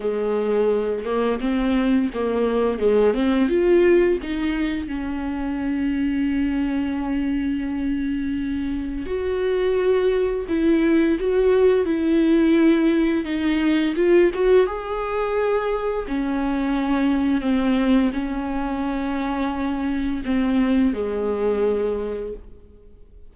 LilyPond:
\new Staff \with { instrumentName = "viola" } { \time 4/4 \tempo 4 = 86 gis4. ais8 c'4 ais4 | gis8 c'8 f'4 dis'4 cis'4~ | cis'1~ | cis'4 fis'2 e'4 |
fis'4 e'2 dis'4 | f'8 fis'8 gis'2 cis'4~ | cis'4 c'4 cis'2~ | cis'4 c'4 gis2 | }